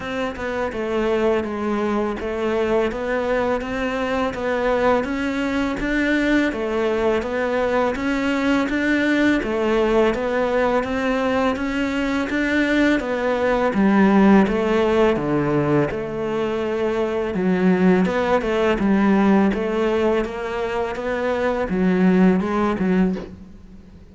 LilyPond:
\new Staff \with { instrumentName = "cello" } { \time 4/4 \tempo 4 = 83 c'8 b8 a4 gis4 a4 | b4 c'4 b4 cis'4 | d'4 a4 b4 cis'4 | d'4 a4 b4 c'4 |
cis'4 d'4 b4 g4 | a4 d4 a2 | fis4 b8 a8 g4 a4 | ais4 b4 fis4 gis8 fis8 | }